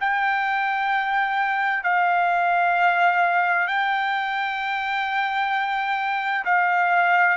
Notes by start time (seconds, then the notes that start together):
0.00 G5
1.83 F5
3.68 G5
6.45 F5